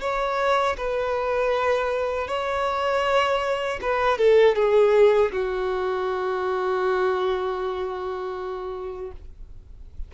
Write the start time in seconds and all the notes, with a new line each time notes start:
0.00 C#5
0.77 B4
2.27 C#5
3.81 B4
4.18 A4
4.55 G#4
5.32 F#4